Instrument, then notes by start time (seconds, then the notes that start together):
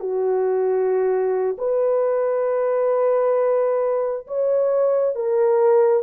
horn
0.00 F#4
1.58 B4
4.27 C#5
5.15 A#4